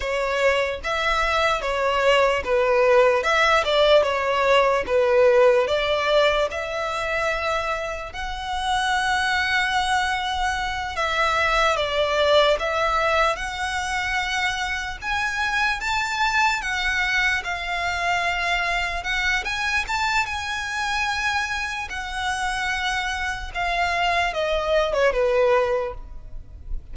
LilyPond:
\new Staff \with { instrumentName = "violin" } { \time 4/4 \tempo 4 = 74 cis''4 e''4 cis''4 b'4 | e''8 d''8 cis''4 b'4 d''4 | e''2 fis''2~ | fis''4. e''4 d''4 e''8~ |
e''8 fis''2 gis''4 a''8~ | a''8 fis''4 f''2 fis''8 | gis''8 a''8 gis''2 fis''4~ | fis''4 f''4 dis''8. cis''16 b'4 | }